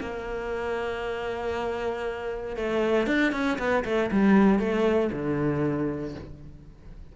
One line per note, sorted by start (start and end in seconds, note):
0.00 2.56 A#3
2.56 3.07 A3
3.07 3.32 D4
3.32 3.58 C#4
3.58 3.84 B3
3.84 4.10 A3
4.11 4.59 G3
4.59 5.10 A3
5.12 6.15 D3